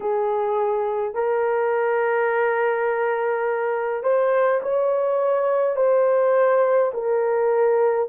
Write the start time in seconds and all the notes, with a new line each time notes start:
0.00 G#4
1.14 A#4
4.03 C5
4.62 C#5
5.76 C5
6.93 A#4